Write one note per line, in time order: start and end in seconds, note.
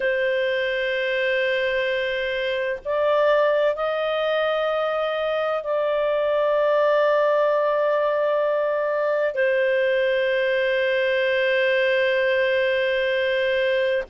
0.00 2.79 C5
2.84 3.75 D5
3.75 5.62 D#5
5.63 9.34 D5
9.34 14.03 C5